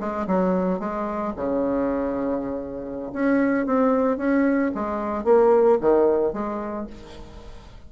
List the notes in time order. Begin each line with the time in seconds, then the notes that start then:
0.00 G#3
0.27 F#3
0.80 G#3
1.36 C#3
3.14 C#4
3.66 C4
4.18 C#4
4.75 G#3
5.25 A#3
5.81 D#3
6.33 G#3